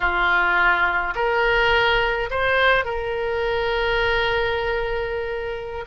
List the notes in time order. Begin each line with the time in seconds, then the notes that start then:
0.00 F4
1.15 A#4
2.30 C5
2.84 A#4